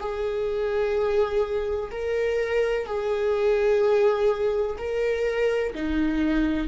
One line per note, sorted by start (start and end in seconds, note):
0.00 1.90 G#4
1.91 2.86 A#4
2.86 4.77 G#4
4.77 5.73 A#4
5.74 6.67 D#4